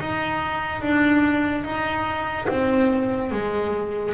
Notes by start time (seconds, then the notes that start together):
0.00 D#4
0.82 D4
1.64 D#4
2.48 C4
3.32 G#3